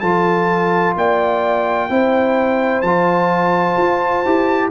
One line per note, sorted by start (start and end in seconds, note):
0.00 0.95 F3
0.00 1.90 F4
0.00 0.96 A4
0.00 0.94 A5
0.96 1.90 A#3
0.96 1.90 D5
0.96 2.82 G5
1.90 2.83 C4
1.90 2.83 E4
1.90 4.71 C5
2.82 3.76 F3
2.82 4.25 F4
2.82 4.69 A5
3.78 4.24 F4
4.25 4.71 E4
4.25 4.71 G4